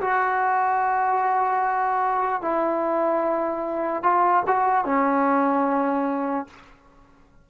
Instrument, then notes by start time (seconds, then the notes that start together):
trombone
0.00 F#4
2.41 E4
4.02 F4
4.46 F#4
4.84 C#4